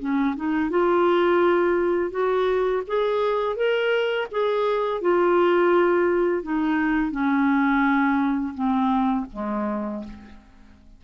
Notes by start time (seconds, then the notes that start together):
0.00 C#4
0.36 D#4
0.70 F4
2.11 F#4
2.88 G#4
3.56 A#4
4.31 G#4
5.02 F4
6.44 D#4
7.12 C#4
8.55 C4
9.33 G#3